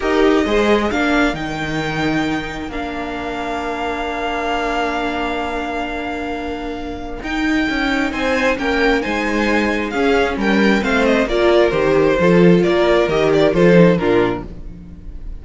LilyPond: <<
  \new Staff \with { instrumentName = "violin" } { \time 4/4 \tempo 4 = 133 dis''2 f''4 g''4~ | g''2 f''2~ | f''1~ | f''1 |
g''2 gis''4 g''4 | gis''2 f''4 g''4 | f''8 dis''8 d''4 c''2 | d''4 dis''8 d''8 c''4 ais'4 | }
  \new Staff \with { instrumentName = "violin" } { \time 4/4 ais'4 c''4 ais'2~ | ais'1~ | ais'1~ | ais'1~ |
ais'2 c''4 ais'4 | c''2 gis'4 ais'4 | c''4 ais'2 a'4 | ais'2 a'4 f'4 | }
  \new Staff \with { instrumentName = "viola" } { \time 4/4 g'4 gis'4 d'4 dis'4~ | dis'2 d'2~ | d'1~ | d'1 |
dis'2. cis'4 | dis'2 cis'2 | c'4 f'4 g'4 f'4~ | f'4 g'4 f'8 dis'8 d'4 | }
  \new Staff \with { instrumentName = "cello" } { \time 4/4 dis'4 gis4 ais4 dis4~ | dis2 ais2~ | ais1~ | ais1 |
dis'4 cis'4 c'4 ais4 | gis2 cis'4 g4 | a4 ais4 dis4 f4 | ais4 dis4 f4 ais,4 | }
>>